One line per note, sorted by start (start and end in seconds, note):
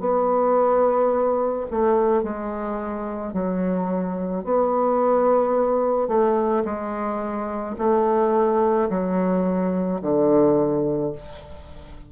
0.00 1.67 B3
1.71 2.23 A3
2.23 3.33 G#3
3.33 4.44 F#3
4.44 6.08 B3
6.08 6.64 A3
6.65 7.76 G#3
7.78 8.89 A3
8.89 10.01 F#3
10.02 11.13 D3